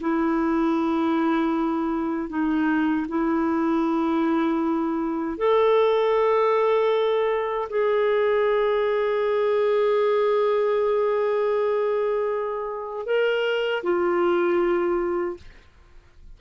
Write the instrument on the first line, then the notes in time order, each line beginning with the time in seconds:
clarinet
0.00 E4
2.29 D#4
3.08 E4
5.38 A4
7.69 G#4
13.06 A#4
13.83 F4